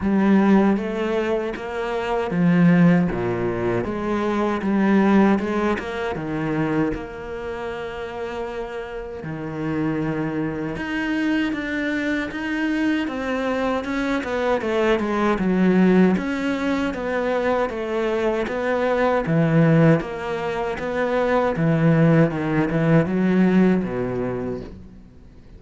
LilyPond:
\new Staff \with { instrumentName = "cello" } { \time 4/4 \tempo 4 = 78 g4 a4 ais4 f4 | ais,4 gis4 g4 gis8 ais8 | dis4 ais2. | dis2 dis'4 d'4 |
dis'4 c'4 cis'8 b8 a8 gis8 | fis4 cis'4 b4 a4 | b4 e4 ais4 b4 | e4 dis8 e8 fis4 b,4 | }